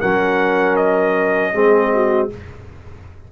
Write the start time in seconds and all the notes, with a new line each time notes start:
0.00 F#3 C#4 A#4 F#5
0.76 D#5
1.53 G#3 C4 G#4
1.94 F#4